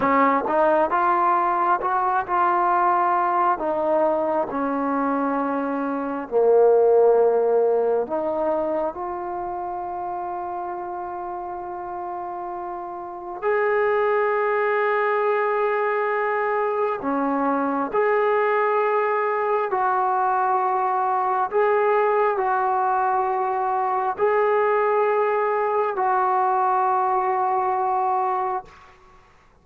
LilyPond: \new Staff \with { instrumentName = "trombone" } { \time 4/4 \tempo 4 = 67 cis'8 dis'8 f'4 fis'8 f'4. | dis'4 cis'2 ais4~ | ais4 dis'4 f'2~ | f'2. gis'4~ |
gis'2. cis'4 | gis'2 fis'2 | gis'4 fis'2 gis'4~ | gis'4 fis'2. | }